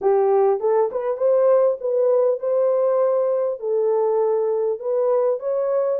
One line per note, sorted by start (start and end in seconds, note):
0.01 0.59 G4
0.59 0.89 A4
0.91 1.17 B4
1.17 1.77 C5
1.80 2.39 B4
2.39 3.59 C5
3.59 4.79 A4
4.79 5.39 B4
5.39 5.99 C#5